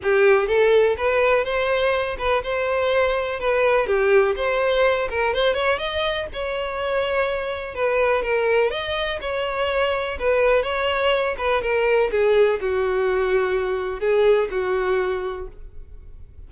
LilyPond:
\new Staff \with { instrumentName = "violin" } { \time 4/4 \tempo 4 = 124 g'4 a'4 b'4 c''4~ | c''8 b'8 c''2 b'4 | g'4 c''4. ais'8 c''8 cis''8 | dis''4 cis''2. |
b'4 ais'4 dis''4 cis''4~ | cis''4 b'4 cis''4. b'8 | ais'4 gis'4 fis'2~ | fis'4 gis'4 fis'2 | }